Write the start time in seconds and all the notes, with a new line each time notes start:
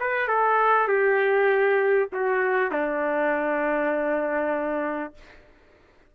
0.00 B4
0.28 A4
0.88 G4
2.13 F#4
2.72 D4